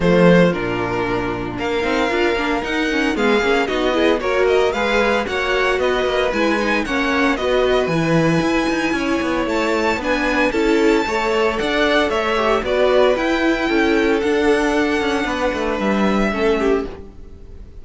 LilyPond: <<
  \new Staff \with { instrumentName = "violin" } { \time 4/4 \tempo 4 = 114 c''4 ais'2 f''4~ | f''4 fis''4 f''4 dis''4 | cis''8 dis''8 f''4 fis''4 dis''4 | gis''4 fis''4 dis''4 gis''4~ |
gis''2 a''4 gis''4 | a''2 fis''4 e''4 | d''4 g''2 fis''4~ | fis''2 e''2 | }
  \new Staff \with { instrumentName = "violin" } { \time 4/4 f'2. ais'4~ | ais'2 gis'4 fis'8 gis'8 | ais'4 b'4 cis''4 b'4~ | b'4 cis''4 b'2~ |
b'4 cis''2 b'4 | a'4 cis''4 d''4 cis''4 | b'2 a'2~ | a'4 b'2 a'8 g'8 | }
  \new Staff \with { instrumentName = "viola" } { \time 4/4 a4 d'2~ d'8 dis'8 | f'8 d'8 dis'8 cis'8 b8 cis'8 dis'8 e'8 | fis'4 gis'4 fis'2 | e'8 dis'8 cis'4 fis'4 e'4~ |
e'2. d'4 | e'4 a'2~ a'8 g'8 | fis'4 e'2 d'4~ | d'2. cis'4 | }
  \new Staff \with { instrumentName = "cello" } { \time 4/4 f4 ais,2 ais8 c'8 | d'8 ais8 dis'4 gis8 ais8 b4 | ais4 gis4 ais4 b8 ais8 | gis4 ais4 b4 e4 |
e'8 dis'8 cis'8 b8 a4 b4 | cis'4 a4 d'4 a4 | b4 e'4 cis'4 d'4~ | d'8 cis'8 b8 a8 g4 a4 | }
>>